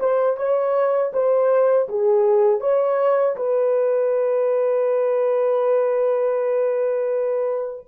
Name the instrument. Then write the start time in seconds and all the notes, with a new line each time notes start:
horn
0.00 C5
0.37 C#5
1.13 C5
1.89 G#4
2.61 C#5
3.36 B4